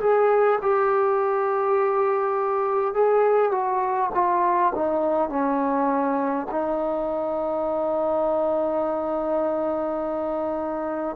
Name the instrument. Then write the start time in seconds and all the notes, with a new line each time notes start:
trombone
0.00 G#4
0.61 G4
2.94 G#4
3.51 F#4
4.14 F4
4.74 D#4
5.29 C#4
6.51 D#4